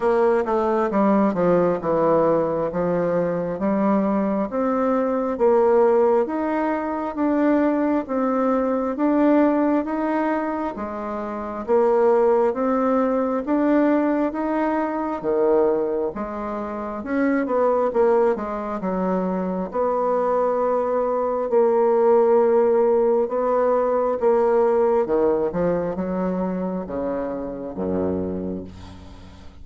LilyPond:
\new Staff \with { instrumentName = "bassoon" } { \time 4/4 \tempo 4 = 67 ais8 a8 g8 f8 e4 f4 | g4 c'4 ais4 dis'4 | d'4 c'4 d'4 dis'4 | gis4 ais4 c'4 d'4 |
dis'4 dis4 gis4 cis'8 b8 | ais8 gis8 fis4 b2 | ais2 b4 ais4 | dis8 f8 fis4 cis4 fis,4 | }